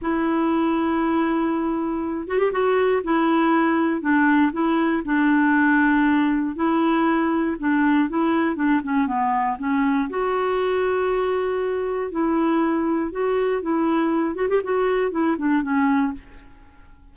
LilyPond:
\new Staff \with { instrumentName = "clarinet" } { \time 4/4 \tempo 4 = 119 e'1~ | e'8 fis'16 g'16 fis'4 e'2 | d'4 e'4 d'2~ | d'4 e'2 d'4 |
e'4 d'8 cis'8 b4 cis'4 | fis'1 | e'2 fis'4 e'4~ | e'8 fis'16 g'16 fis'4 e'8 d'8 cis'4 | }